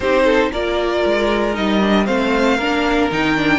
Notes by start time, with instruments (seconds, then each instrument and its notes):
0.00 cello C4, viola D#4, violin G4 C5
0.24 violin A4
0.52 cello A#3, viola F4, violin A#4 D5
1.05 cello G#3
1.54 cello G3, viola D#4, violin D#5
1.81 viola D4
2.05 cello A3, viola C4, violin C5 F5
2.56 cello A#3, viola D4, violin A#4
3.11 cello D#3, viola D#4, violin G5
3.36 viola D4